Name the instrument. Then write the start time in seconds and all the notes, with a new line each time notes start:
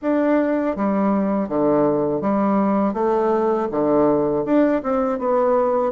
bassoon
0.02 D4
0.75 G3
1.48 D3
2.21 G3
2.93 A3
3.71 D3
4.45 D4
4.82 C4
5.19 B3